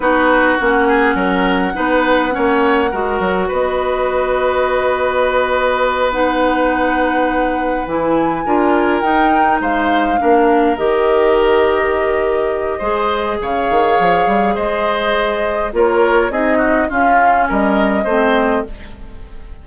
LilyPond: <<
  \new Staff \with { instrumentName = "flute" } { \time 4/4 \tempo 4 = 103 b'4 fis''2.~ | fis''2 dis''2~ | dis''2~ dis''8 fis''4.~ | fis''4. gis''2 g''8~ |
g''8 f''2 dis''4.~ | dis''2. f''4~ | f''4 dis''2 cis''4 | dis''4 f''4 dis''2 | }
  \new Staff \with { instrumentName = "oboe" } { \time 4/4 fis'4. gis'8 ais'4 b'4 | cis''4 ais'4 b'2~ | b'1~ | b'2~ b'8 ais'4.~ |
ais'8 c''4 ais'2~ ais'8~ | ais'2 c''4 cis''4~ | cis''4 c''2 ais'4 | gis'8 fis'8 f'4 ais'4 c''4 | }
  \new Staff \with { instrumentName = "clarinet" } { \time 4/4 dis'4 cis'2 dis'4 | cis'4 fis'2.~ | fis'2~ fis'8 dis'4.~ | dis'4. e'4 f'4 dis'8~ |
dis'4. d'4 g'4.~ | g'2 gis'2~ | gis'2. f'4 | dis'4 cis'2 c'4 | }
  \new Staff \with { instrumentName = "bassoon" } { \time 4/4 b4 ais4 fis4 b4 | ais4 gis8 fis8 b2~ | b1~ | b4. e4 d'4 dis'8~ |
dis'8 gis4 ais4 dis4.~ | dis2 gis4 cis8 dis8 | f8 g8 gis2 ais4 | c'4 cis'4 g4 a4 | }
>>